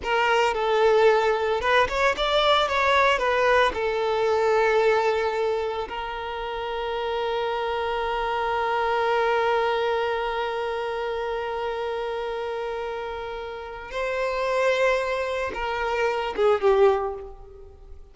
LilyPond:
\new Staff \with { instrumentName = "violin" } { \time 4/4 \tempo 4 = 112 ais'4 a'2 b'8 cis''8 | d''4 cis''4 b'4 a'4~ | a'2. ais'4~ | ais'1~ |
ais'1~ | ais'1~ | ais'2 c''2~ | c''4 ais'4. gis'8 g'4 | }